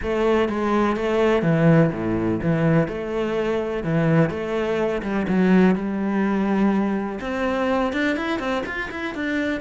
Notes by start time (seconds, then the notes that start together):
0.02 A3
0.48 G#3
0.96 A3
1.42 E3
1.92 A2
2.42 E3
2.88 A3
3.83 E3
4.30 A3
5.02 G3
5.28 F#3
5.75 G3
7.20 C4
7.92 D4
8.16 E4
8.39 C4
8.66 F4
8.90 E4
9.14 D4